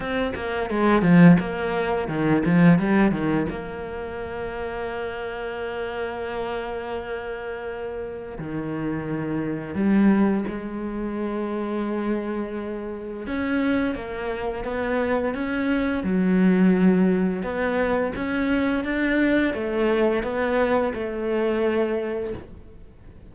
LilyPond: \new Staff \with { instrumentName = "cello" } { \time 4/4 \tempo 4 = 86 c'8 ais8 gis8 f8 ais4 dis8 f8 | g8 dis8 ais2.~ | ais1 | dis2 g4 gis4~ |
gis2. cis'4 | ais4 b4 cis'4 fis4~ | fis4 b4 cis'4 d'4 | a4 b4 a2 | }